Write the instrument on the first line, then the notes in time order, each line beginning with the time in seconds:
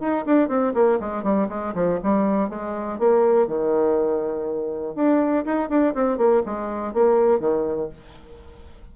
bassoon
0.00 D#4
0.25 D4
0.48 C4
0.74 A#3
1.00 G#3
1.23 G3
1.49 G#3
1.75 F3
2.03 G3
2.49 G#3
2.99 A#3
3.47 D#3
4.95 D4
5.45 D#4
5.69 D4
5.94 C4
6.17 A#3
6.46 G#3
6.94 A#3
7.40 D#3